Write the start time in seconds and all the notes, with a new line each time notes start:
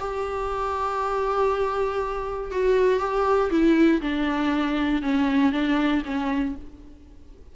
0.00 G4
2.52 F#4
3.00 G4
3.51 E4
4.02 D4
5.03 C#4
5.52 D4
6.05 C#4